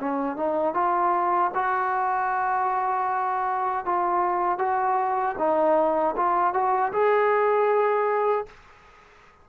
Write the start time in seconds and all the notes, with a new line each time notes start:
0.00 C#4
0.37 D#4
0.74 F4
1.55 F#4
3.85 F4
4.59 F#4
5.38 D#4
6.16 F4
6.54 F#4
6.92 G#4